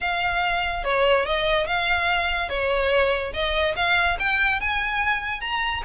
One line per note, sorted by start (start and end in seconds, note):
0.01 0.84 F5
0.84 1.25 C#5
1.25 1.66 D#5
1.66 2.49 F5
2.49 3.32 C#5
3.33 3.74 D#5
3.76 4.17 F5
4.19 4.60 G5
4.60 5.40 G#5
5.40 5.82 A#5